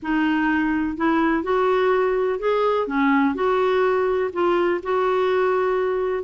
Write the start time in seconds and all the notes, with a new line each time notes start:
0.02 D#4
0.96 E4
1.43 F#4
2.39 G#4
2.87 C#4
3.34 F#4
4.32 F4
4.82 F#4